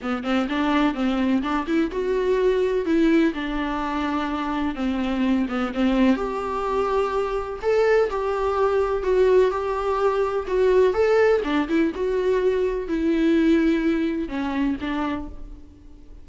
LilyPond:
\new Staff \with { instrumentName = "viola" } { \time 4/4 \tempo 4 = 126 b8 c'8 d'4 c'4 d'8 e'8 | fis'2 e'4 d'4~ | d'2 c'4. b8 | c'4 g'2. |
a'4 g'2 fis'4 | g'2 fis'4 a'4 | d'8 e'8 fis'2 e'4~ | e'2 cis'4 d'4 | }